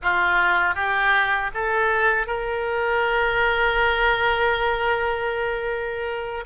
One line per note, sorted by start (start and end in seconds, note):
0.02 0.75 F4
0.75 1.51 G4
1.54 2.26 A4
2.26 6.44 A#4